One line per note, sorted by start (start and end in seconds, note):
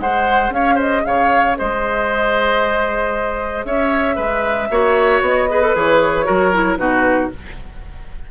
0.00 0.50 G#3
0.00 4.71 G#4
0.00 0.54 C5
0.00 0.52 F#5
0.50 1.02 C#4
0.50 0.75 C#5
0.50 0.79 F5
0.75 1.01 C5
0.75 1.05 D#5
1.05 1.58 C#3
1.05 1.58 C#5
1.05 1.57 F5
1.58 3.65 G#3
1.58 3.67 C5
1.58 3.65 D#5
3.65 4.17 C#4
3.65 4.16 C#5
3.65 5.22 E5
4.16 4.70 G#3
4.16 4.68 B4
4.70 5.21 A#3
4.70 5.50 F#4
4.70 5.49 C#5
5.21 5.73 B3
5.21 5.76 D#5
5.50 5.62 G#4
5.50 6.26 B4
5.62 5.75 A4
5.75 6.27 E3
5.75 6.25 G#4
5.75 6.77 C#5
6.25 6.78 F#3
6.25 6.51 F#4
6.25 6.78 A#4
6.53 6.78 E4
6.77 7.30 B2
6.77 7.30 D#4
6.77 7.31 F#4
6.77 7.29 B4